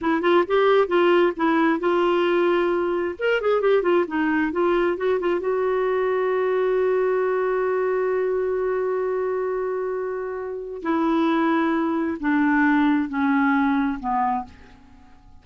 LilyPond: \new Staff \with { instrumentName = "clarinet" } { \time 4/4 \tempo 4 = 133 e'8 f'8 g'4 f'4 e'4 | f'2. ais'8 gis'8 | g'8 f'8 dis'4 f'4 fis'8 f'8 | fis'1~ |
fis'1~ | fis'1 | e'2. d'4~ | d'4 cis'2 b4 | }